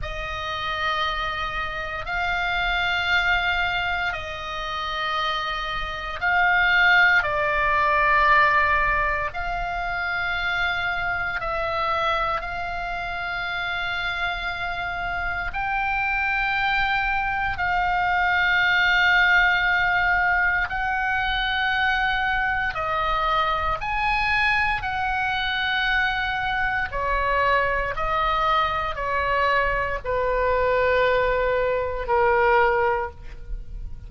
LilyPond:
\new Staff \with { instrumentName = "oboe" } { \time 4/4 \tempo 4 = 58 dis''2 f''2 | dis''2 f''4 d''4~ | d''4 f''2 e''4 | f''2. g''4~ |
g''4 f''2. | fis''2 dis''4 gis''4 | fis''2 cis''4 dis''4 | cis''4 b'2 ais'4 | }